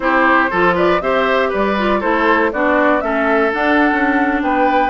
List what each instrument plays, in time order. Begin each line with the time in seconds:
0.00 bassoon C4, clarinet E4, oboe G4, flute C5
0.50 bassoon F3, clarinet F4, oboe A4
0.75 oboe B4, flute D5
1.00 bassoon C4, clarinet G4, oboe C5, flute E5
1.49 bassoon G3, oboe B4, flute D5
1.77 clarinet F4
2.00 bassoon A3, clarinet E4, oboe A4, flute C5
2.51 bassoon B3, clarinet D4, oboe F#4, flute D5
3.00 bassoon A3, clarinet C#4, oboe A4, flute E5
3.51 clarinet D4, bassoon D4, flute F#5
3.91 bassoon C#4
4.42 bassoon B3, oboe B4, flute G5